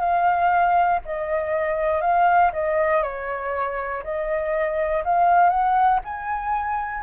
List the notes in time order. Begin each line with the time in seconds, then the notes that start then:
0.00 F5
1.05 D#5
2.02 F5
2.53 D#5
3.03 C#5
4.04 D#5
5.05 F5
5.50 F#5
6.05 G#5